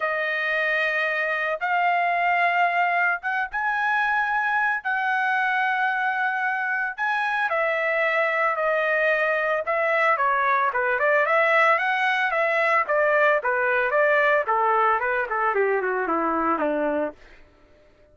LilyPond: \new Staff \with { instrumentName = "trumpet" } { \time 4/4 \tempo 4 = 112 dis''2. f''4~ | f''2 fis''8 gis''4.~ | gis''4 fis''2.~ | fis''4 gis''4 e''2 |
dis''2 e''4 cis''4 | b'8 d''8 e''4 fis''4 e''4 | d''4 b'4 d''4 a'4 | b'8 a'8 g'8 fis'8 e'4 d'4 | }